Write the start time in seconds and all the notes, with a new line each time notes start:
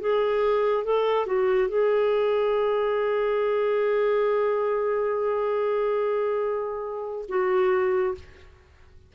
0.00 G#4
0.84 A4
1.26 F#4
1.68 G#4
7.28 F#4